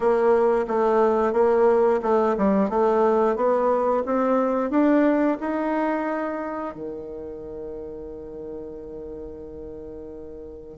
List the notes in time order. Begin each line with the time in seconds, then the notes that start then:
0.00 A#3
0.67 A3
1.32 A#3
2.02 A3
2.37 G3
2.69 A3
3.36 B3
4.05 C4
4.70 D4
5.40 D#4
6.74 D#3